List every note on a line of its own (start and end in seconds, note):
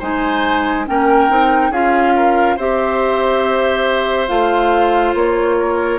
0.00 0.88 G#3
0.00 0.87 D#4
0.00 0.86 C5
0.00 0.87 G#5
0.87 1.31 A#3
0.87 1.30 C#4
0.87 1.71 A#4
0.87 1.73 G5
1.30 1.71 C4
1.30 1.73 D#4
1.71 2.56 C#4
1.71 2.59 F4
1.71 2.14 G#4
1.71 2.59 F5
2.16 2.57 A#4
2.57 4.29 C4
2.57 4.28 G4
2.57 5.57 C5
2.57 4.29 E5
4.28 5.15 A3
4.28 5.99 F4
4.28 5.14 F5
5.15 5.99 A#3
5.15 5.99 C#5
5.60 5.99 A#4